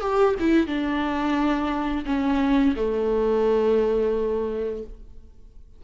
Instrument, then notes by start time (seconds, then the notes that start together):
viola
0.00 G4
0.39 E4
0.66 D4
2.05 C#4
2.76 A3